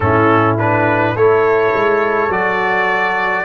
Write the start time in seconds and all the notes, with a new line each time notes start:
0.00 A2 C#4 E4 A4
0.58 D4 B4
1.13 A3 E4 A4 C#5
1.74 G#3
2.28 F#3 F#4 D5